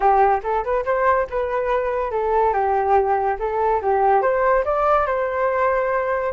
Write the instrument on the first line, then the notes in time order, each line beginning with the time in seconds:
flute
0.00 G4
0.43 A4
0.63 B4
0.85 C5
1.30 B4
2.11 A4
2.53 G4
3.39 A4
3.81 G4
4.22 C5
4.64 D5
5.06 C5